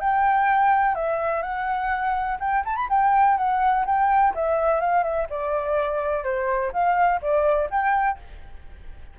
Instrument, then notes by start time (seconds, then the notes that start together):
flute
0.00 G5
0.95 E5
1.42 F#5
2.40 G5
2.65 A5
2.76 B5
2.90 G5
3.38 F#5
3.86 G5
4.35 E5
4.81 F5
5.03 E5
5.30 D5
6.24 C5
6.73 F5
7.22 D5
7.70 G5